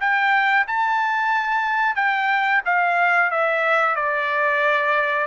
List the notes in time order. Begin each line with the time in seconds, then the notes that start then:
0.00 G5
0.67 A5
1.95 G5
2.65 F5
3.31 E5
3.96 D5